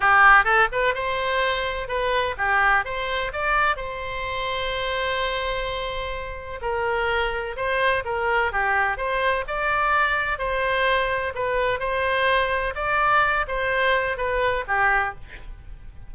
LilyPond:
\new Staff \with { instrumentName = "oboe" } { \time 4/4 \tempo 4 = 127 g'4 a'8 b'8 c''2 | b'4 g'4 c''4 d''4 | c''1~ | c''2 ais'2 |
c''4 ais'4 g'4 c''4 | d''2 c''2 | b'4 c''2 d''4~ | d''8 c''4. b'4 g'4 | }